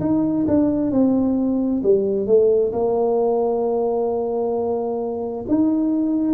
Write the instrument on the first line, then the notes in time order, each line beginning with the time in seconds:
tuba
0.00 D#4
0.48 D4
0.91 C4
1.83 G3
2.27 A3
2.72 A#3
5.48 D#4